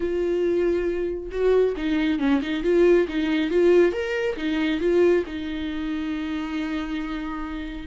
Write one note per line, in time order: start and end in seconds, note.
0.00 1.30 F4
1.31 1.75 F#4
1.77 2.19 D#4
2.19 2.41 C#4
2.41 2.63 D#4
2.63 3.07 F4
3.08 3.50 D#4
3.50 3.92 F4
3.92 4.36 A#4
4.36 4.80 D#4
4.80 5.24 F4
5.26 7.87 D#4